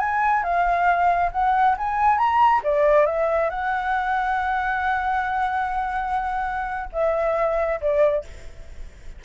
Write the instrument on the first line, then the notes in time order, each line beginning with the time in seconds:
flute
0.00 G#5
0.44 F5
1.33 F#5
1.78 G#5
2.18 A#5
2.64 D5
3.07 E5
3.51 F#5
6.93 E5
7.81 D5